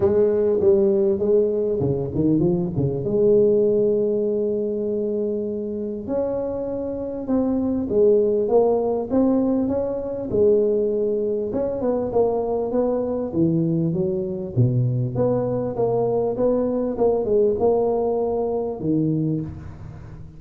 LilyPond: \new Staff \with { instrumentName = "tuba" } { \time 4/4 \tempo 4 = 99 gis4 g4 gis4 cis8 dis8 | f8 cis8 gis2.~ | gis2 cis'2 | c'4 gis4 ais4 c'4 |
cis'4 gis2 cis'8 b8 | ais4 b4 e4 fis4 | b,4 b4 ais4 b4 | ais8 gis8 ais2 dis4 | }